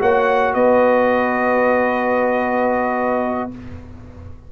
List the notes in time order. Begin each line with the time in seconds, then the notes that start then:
0.00 A#3 F#4 C#5 F#5
0.54 B3 B4 D#5